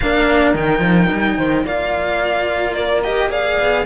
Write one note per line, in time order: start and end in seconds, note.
0.00 0.54 A#3
0.00 0.55 D4
0.00 1.37 A#4
0.00 0.55 F5
0.54 0.79 D#3
0.54 1.65 D#4
0.54 1.66 G5
0.79 1.06 F3
1.12 1.38 G3
1.37 1.64 D#3
1.37 1.64 C5
1.64 3.57 A#3
1.64 3.03 F4
1.64 2.75 D5
1.64 2.73 F5
2.73 3.29 A#4
2.73 3.01 D5
3.03 3.29 G4
3.03 3.31 D#5
3.29 3.85 G#4
3.29 3.84 D5
3.29 3.85 F5
3.59 3.85 B3